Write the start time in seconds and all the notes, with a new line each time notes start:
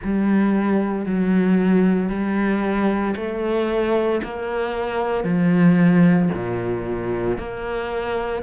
0.03 G3
1.05 F#3
2.09 G3
3.16 A3
4.23 A#3
5.23 F3
6.33 A#2
7.38 A#3